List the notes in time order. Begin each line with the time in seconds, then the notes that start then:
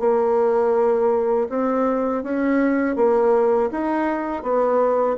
0.00 A#3
1.49 C4
2.24 C#4
2.96 A#3
3.72 D#4
4.43 B3